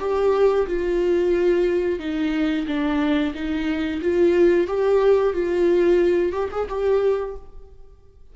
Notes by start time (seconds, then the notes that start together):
0.00 G4
0.67 F4
1.99 D#4
2.67 D4
3.35 D#4
4.02 F4
4.67 G4
5.34 F4
6.32 G4
6.52 G#4
6.69 G4